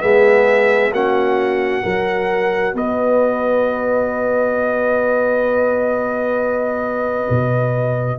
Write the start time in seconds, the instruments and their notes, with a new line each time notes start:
0.00 tuba G#3, trombone B3, horn G#4, trumpet E5
0.92 tuba A#3, trombone C#4, horn F#4, trumpet F#5
1.83 tuba F#3, trombone F#4, horn A#4
2.74 tuba B3, horn B4, trumpet D#5
7.30 tuba B2